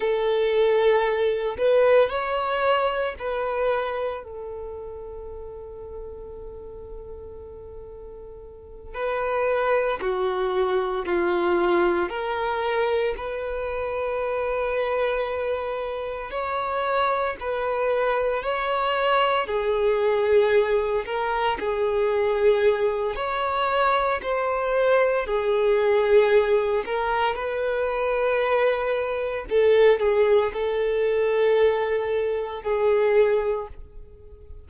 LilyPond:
\new Staff \with { instrumentName = "violin" } { \time 4/4 \tempo 4 = 57 a'4. b'8 cis''4 b'4 | a'1~ | a'8 b'4 fis'4 f'4 ais'8~ | ais'8 b'2. cis''8~ |
cis''8 b'4 cis''4 gis'4. | ais'8 gis'4. cis''4 c''4 | gis'4. ais'8 b'2 | a'8 gis'8 a'2 gis'4 | }